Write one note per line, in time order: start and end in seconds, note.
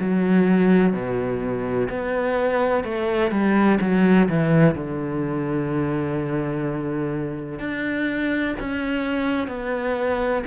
0.00 0.93 F#3
0.93 1.88 B2
1.90 2.84 B3
2.84 3.31 A3
3.31 3.79 G3
3.81 4.29 F#3
4.29 4.75 E3
4.75 7.59 D3
7.59 8.55 D4
8.60 9.48 C#4
9.48 10.43 B3